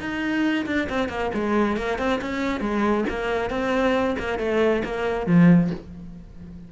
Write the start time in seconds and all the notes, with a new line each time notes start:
0.00 D#4
0.66 D4
0.89 C4
1.09 A#3
1.34 G#3
1.77 A#3
1.98 C4
2.21 C#4
2.61 G#3
3.09 A#3
3.50 C4
4.19 A#3
4.39 A3
4.85 A#3
5.27 F3